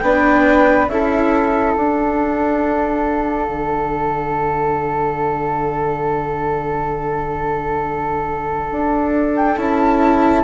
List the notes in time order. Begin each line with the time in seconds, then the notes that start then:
0.00 B3 D4 B4 G5
0.88 C#4 E4 A4 E5
1.73 D4 F#5
3.48 D3
8.72 D4
9.37 G5
9.57 C#4 E4 A5